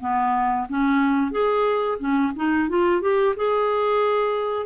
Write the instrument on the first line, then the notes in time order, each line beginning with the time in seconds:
clarinet
0.00 B3
0.69 C#4
1.31 G#4
1.99 C#4
2.36 D#4
2.69 F4
3.01 G4
3.36 G#4